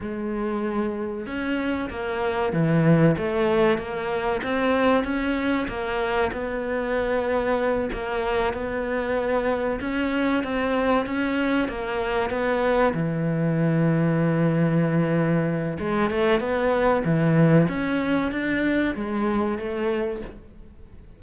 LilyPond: \new Staff \with { instrumentName = "cello" } { \time 4/4 \tempo 4 = 95 gis2 cis'4 ais4 | e4 a4 ais4 c'4 | cis'4 ais4 b2~ | b8 ais4 b2 cis'8~ |
cis'8 c'4 cis'4 ais4 b8~ | b8 e2.~ e8~ | e4 gis8 a8 b4 e4 | cis'4 d'4 gis4 a4 | }